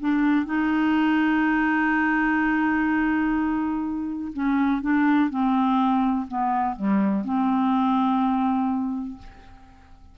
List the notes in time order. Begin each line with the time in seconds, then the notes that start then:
0.00 D4
0.46 D#4
4.33 C#4
4.82 D4
5.30 C4
6.28 B3
6.76 G3
7.25 C4